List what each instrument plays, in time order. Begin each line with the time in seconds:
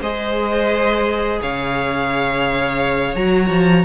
0.00 cello G#3, viola G#4, violin C5 D#5
1.41 cello C#3, violin C#5 F5
3.15 cello F#3, viola F#4, violin A#5
3.49 cello F3